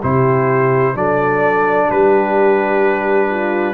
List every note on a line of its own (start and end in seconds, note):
0.00 0.95 C3
0.00 0.95 E4
0.00 0.94 G4
0.00 0.97 C5
0.95 1.89 F#3
0.95 3.74 D4
0.95 1.87 A4
0.95 1.90 D5
1.87 3.74 G3
1.87 3.28 G4
1.87 3.74 B4
3.30 3.74 F4